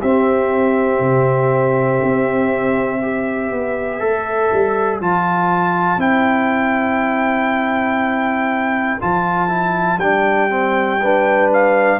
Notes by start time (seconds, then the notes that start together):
0.00 C4 G4 E5
1.00 C3
2.03 C4
2.99 G4 C5
3.52 B3
4.00 A3 A4
4.53 G3
5.01 F3 F4 A5
5.97 C4 E4 G5
9.01 F3 F4 A5
9.49 E4
9.98 G3 D4 G5
10.50 C4
11.02 D4 B4
11.53 F5